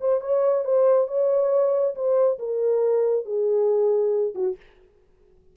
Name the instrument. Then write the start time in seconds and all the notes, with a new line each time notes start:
horn
0.00 C5
0.21 C#5
0.64 C5
1.08 C#5
1.95 C5
2.39 A#4
3.25 G#4
4.34 F#4